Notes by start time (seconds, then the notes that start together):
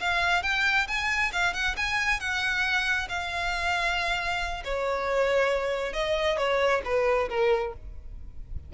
0.00 F5
0.43 G5
0.87 G#5
1.32 F5
1.53 F#5
1.77 G#5
2.20 F#5
3.09 F5
4.64 C#5
5.93 D#5
6.37 C#5
6.85 B4
7.29 A#4